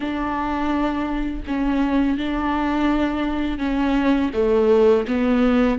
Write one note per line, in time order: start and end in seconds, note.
0.00 1.43 D4
1.47 2.17 C#4
2.17 3.58 D4
3.58 4.30 C#4
4.33 5.05 A3
5.07 5.78 B3